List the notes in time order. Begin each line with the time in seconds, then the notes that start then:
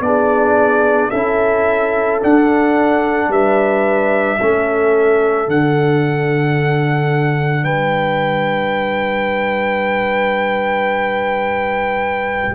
0.00 B3 D4 G#4 D5
1.10 C#4 E4 A4 E5
2.21 D4 F#5
3.28 G3 B4 E5
4.38 A3 C#4 A4
5.47 D3 D4 F#5
7.63 G3 B4 G5